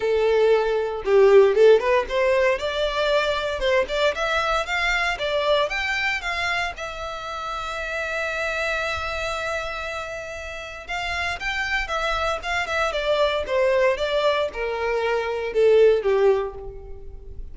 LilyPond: \new Staff \with { instrumentName = "violin" } { \time 4/4 \tempo 4 = 116 a'2 g'4 a'8 b'8 | c''4 d''2 c''8 d''8 | e''4 f''4 d''4 g''4 | f''4 e''2.~ |
e''1~ | e''4 f''4 g''4 e''4 | f''8 e''8 d''4 c''4 d''4 | ais'2 a'4 g'4 | }